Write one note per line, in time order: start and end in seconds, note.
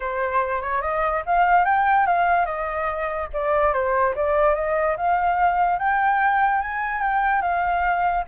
0.00 0.62 C5
0.62 0.81 C#5
0.81 1.23 D#5
1.25 1.65 F5
1.65 2.06 G5
2.06 2.45 F5
2.45 3.28 D#5
3.33 3.73 D5
3.73 4.14 C5
4.15 4.54 D5
4.54 4.96 D#5
4.96 5.78 F5
5.78 6.61 G5
6.61 7.01 G#5
7.01 7.41 G5
7.41 8.24 F5